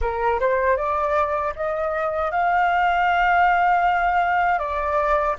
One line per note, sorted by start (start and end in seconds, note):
0.01 0.39 A#4
0.40 0.77 C5
0.77 1.53 D5
1.55 2.31 D#5
2.31 4.58 F5
4.58 5.35 D5